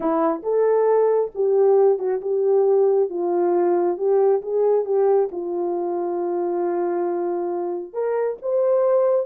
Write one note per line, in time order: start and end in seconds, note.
0.00 0.42 E4
0.43 1.31 A4
1.35 1.99 G4
1.99 2.21 F#4
2.21 3.09 G4
3.09 3.97 F4
3.97 4.41 G4
4.42 4.85 G#4
4.85 5.29 G4
5.31 7.93 F4
7.93 8.37 A#4
8.41 9.26 C5